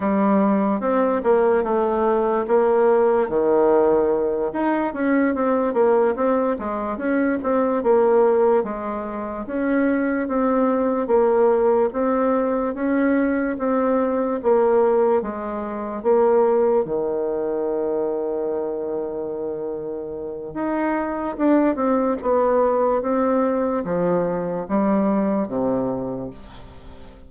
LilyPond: \new Staff \with { instrumentName = "bassoon" } { \time 4/4 \tempo 4 = 73 g4 c'8 ais8 a4 ais4 | dis4. dis'8 cis'8 c'8 ais8 c'8 | gis8 cis'8 c'8 ais4 gis4 cis'8~ | cis'8 c'4 ais4 c'4 cis'8~ |
cis'8 c'4 ais4 gis4 ais8~ | ais8 dis2.~ dis8~ | dis4 dis'4 d'8 c'8 b4 | c'4 f4 g4 c4 | }